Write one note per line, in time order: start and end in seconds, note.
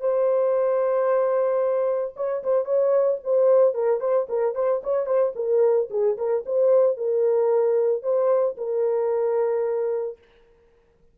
0.00 2.14 C5
2.16 2.43 C#5
2.43 2.65 C5
2.65 3.19 C#5
3.24 3.74 C5
3.74 4.00 A#4
4.00 4.27 C5
4.29 4.55 A#4
4.55 4.82 C5
4.83 5.06 C#5
5.06 5.33 C5
5.35 5.89 A#4
5.90 6.17 G#4
6.17 6.44 A#4
6.46 6.97 C5
6.97 8.03 A#4
8.03 8.56 C5
8.57 10.18 A#4